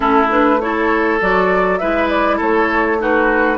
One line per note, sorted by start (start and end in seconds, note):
0.00 1.20 A3
0.00 0.28 C#4
0.00 0.59 E4
0.00 0.30 A4
0.29 0.59 D4
0.29 0.60 B4
0.60 1.20 E4
0.60 1.80 A4
0.60 1.20 C#5
1.21 1.81 F#3
1.21 1.80 F#4
1.21 1.78 D5
1.78 2.40 G#3
1.78 2.98 E4
1.78 2.36 B4
1.78 2.08 E5
2.08 2.38 D5
2.36 3.58 A3
2.36 2.96 A4
2.36 3.01 C#5
2.98 3.58 D#4
2.98 3.58 F#4
2.98 3.58 B4